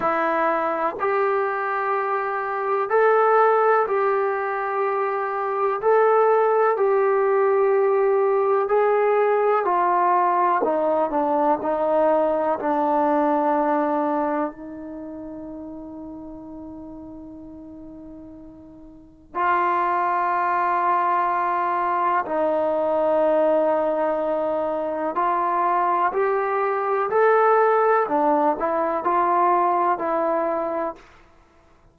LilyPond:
\new Staff \with { instrumentName = "trombone" } { \time 4/4 \tempo 4 = 62 e'4 g'2 a'4 | g'2 a'4 g'4~ | g'4 gis'4 f'4 dis'8 d'8 | dis'4 d'2 dis'4~ |
dis'1 | f'2. dis'4~ | dis'2 f'4 g'4 | a'4 d'8 e'8 f'4 e'4 | }